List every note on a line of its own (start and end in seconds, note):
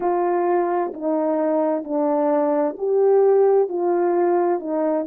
0.00 0.92 F4
0.93 1.83 D#4
1.83 2.76 D4
2.78 3.68 G4
3.68 4.59 F4
4.59 5.05 D#4